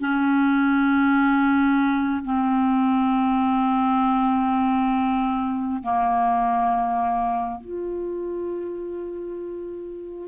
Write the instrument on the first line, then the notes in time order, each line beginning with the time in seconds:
clarinet
0.00 C#4
2.24 C4
5.83 A#3
7.61 F4